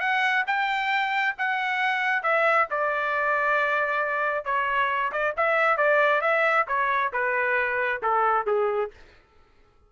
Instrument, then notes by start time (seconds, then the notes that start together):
trumpet
0.00 F#5
0.47 G5
1.38 F#5
2.23 E5
2.71 D5
4.45 C#5
5.12 D5
5.37 E5
5.77 D5
6.21 E5
6.68 C#5
7.13 B4
8.02 A4
8.47 G#4